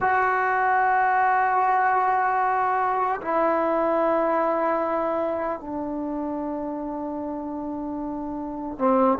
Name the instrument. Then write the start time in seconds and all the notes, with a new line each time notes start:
trombone
0.00 F#4
3.21 E4
5.59 D4
8.78 C4